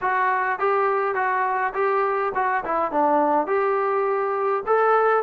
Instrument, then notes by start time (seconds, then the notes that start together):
trombone
0.01 F#4
0.59 G4
1.14 F#4
1.74 G4
2.35 F#4
2.64 E4
2.91 D4
3.46 G4
4.66 A4